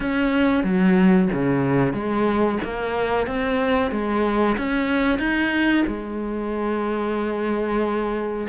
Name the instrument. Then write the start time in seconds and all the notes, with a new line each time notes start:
cello
0.00 C#4
0.63 F#3
1.33 C#3
1.93 G#3
2.64 A#3
3.26 C4
3.91 G#3
4.57 C#4
5.18 D#4
5.86 G#3